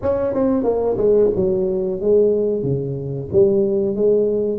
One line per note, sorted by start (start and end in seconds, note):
0.02 0.34 C#4
0.34 0.63 C4
0.63 0.96 A#3
0.97 1.30 G#3
1.35 2.00 F#3
2.00 2.62 G#3
2.62 3.28 C#3
3.32 3.95 G3
3.95 4.59 G#3